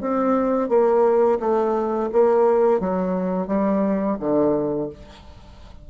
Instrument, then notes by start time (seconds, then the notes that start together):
bassoon
0.00 C4
0.68 A#3
1.40 A3
2.12 A#3
2.80 F#3
3.47 G3
4.19 D3